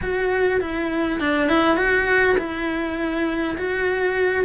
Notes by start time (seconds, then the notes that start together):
0.02 F#4
0.60 E4
1.20 D4
1.49 E4
1.77 F#4
2.38 E4
3.57 F#4